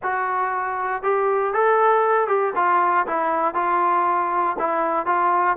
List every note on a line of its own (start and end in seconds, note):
0.02 1.02 F#4
1.02 1.53 G4
1.53 2.27 A4
2.27 2.53 G4
2.55 3.06 F4
3.06 3.54 E4
3.54 4.56 F4
4.58 5.05 E4
5.05 5.56 F4